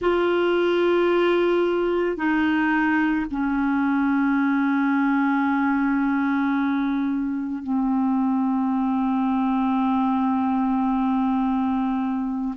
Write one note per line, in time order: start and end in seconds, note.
0.01 2.16 F4
2.16 3.25 D#4
3.30 7.63 C#4
7.63 12.54 C4